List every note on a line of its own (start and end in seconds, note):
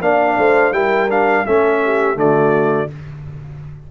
0.00 0.36 A#3
0.00 0.72 D4
0.00 0.38 D5
0.00 0.73 F5
0.37 0.72 A3
0.37 0.74 C5
0.72 1.44 G3
0.72 1.08 E4
0.72 1.45 A#4
0.72 1.09 G5
1.09 1.45 D4
1.09 1.45 F5
1.45 2.15 A3
1.45 2.15 C#4
1.45 1.81 A4
1.45 2.18 E5
1.83 2.18 G4
2.15 2.87 D3
2.15 2.87 A3
2.15 2.90 F#4
2.15 2.91 D5